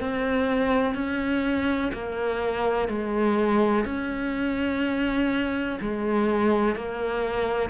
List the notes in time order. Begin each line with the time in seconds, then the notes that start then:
0.00 C4
0.94 C#4
1.93 A#3
2.88 G#3
3.85 C#4
5.81 G#3
6.75 A#3